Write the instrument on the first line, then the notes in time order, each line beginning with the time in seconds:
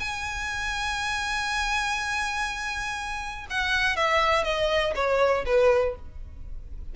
violin
0.00 G#5
3.50 F#5
3.97 E5
4.44 D#5
4.96 C#5
5.46 B4